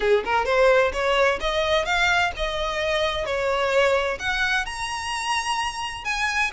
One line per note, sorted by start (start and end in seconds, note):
0.00 0.23 G#4
0.24 0.45 A#4
0.45 0.92 C5
0.92 1.39 C#5
1.40 1.85 D#5
1.85 2.31 F5
2.36 3.25 D#5
3.25 4.18 C#5
4.19 4.65 F#5
4.65 6.04 A#5
6.04 6.51 G#5